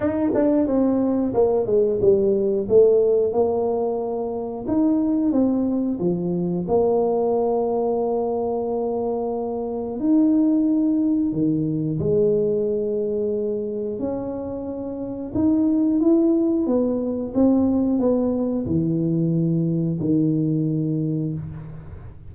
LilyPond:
\new Staff \with { instrumentName = "tuba" } { \time 4/4 \tempo 4 = 90 dis'8 d'8 c'4 ais8 gis8 g4 | a4 ais2 dis'4 | c'4 f4 ais2~ | ais2. dis'4~ |
dis'4 dis4 gis2~ | gis4 cis'2 dis'4 | e'4 b4 c'4 b4 | e2 dis2 | }